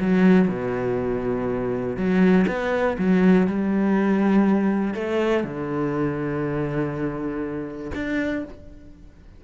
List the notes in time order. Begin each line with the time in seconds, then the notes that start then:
0.00 F#3
0.48 B2
1.96 F#3
2.47 B3
2.98 F#3
3.47 G3
4.94 A3
5.43 D3
7.94 D4